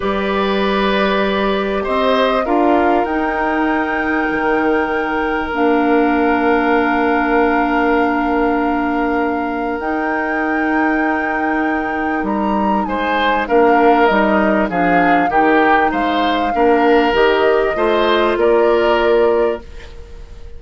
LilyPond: <<
  \new Staff \with { instrumentName = "flute" } { \time 4/4 \tempo 4 = 98 d''2. dis''4 | f''4 g''2.~ | g''4 f''2.~ | f''1 |
g''1 | ais''4 gis''4 f''4 dis''4 | f''4 g''4 f''2 | dis''2 d''2 | }
  \new Staff \with { instrumentName = "oboe" } { \time 4/4 b'2. c''4 | ais'1~ | ais'1~ | ais'1~ |
ais'1~ | ais'4 c''4 ais'2 | gis'4 g'4 c''4 ais'4~ | ais'4 c''4 ais'2 | }
  \new Staff \with { instrumentName = "clarinet" } { \time 4/4 g'1 | f'4 dis'2.~ | dis'4 d'2.~ | d'1 |
dis'1~ | dis'2 d'4 dis'4 | d'4 dis'2 d'4 | g'4 f'2. | }
  \new Staff \with { instrumentName = "bassoon" } { \time 4/4 g2. c'4 | d'4 dis'2 dis4~ | dis4 ais2.~ | ais1 |
dis'1 | g4 gis4 ais4 g4 | f4 dis4 gis4 ais4 | dis4 a4 ais2 | }
>>